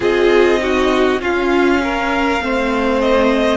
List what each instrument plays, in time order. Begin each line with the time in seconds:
0.00 cello C4, viola F4, violin G#4 D#5
0.58 viola D#4, violin F#4
1.18 viola C#4, cello C#4, violin F4 F5
1.83 violin A#4
2.40 cello A3, viola C4, violin C5
3.00 violin D#5